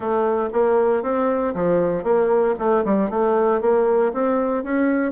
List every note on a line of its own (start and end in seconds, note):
0.00 0.49 A3
0.52 1.02 A#3
1.02 1.54 C4
1.54 2.03 F3
2.03 2.54 A#3
2.58 2.84 A3
2.85 3.10 G3
3.10 3.61 A3
3.61 4.12 A#3
4.13 4.63 C4
4.63 5.12 C#4